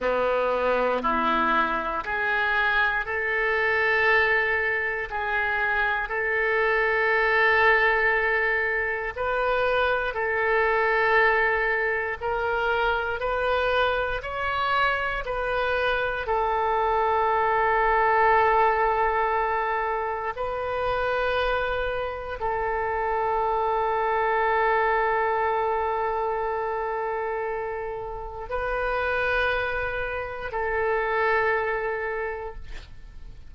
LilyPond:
\new Staff \with { instrumentName = "oboe" } { \time 4/4 \tempo 4 = 59 b4 e'4 gis'4 a'4~ | a'4 gis'4 a'2~ | a'4 b'4 a'2 | ais'4 b'4 cis''4 b'4 |
a'1 | b'2 a'2~ | a'1 | b'2 a'2 | }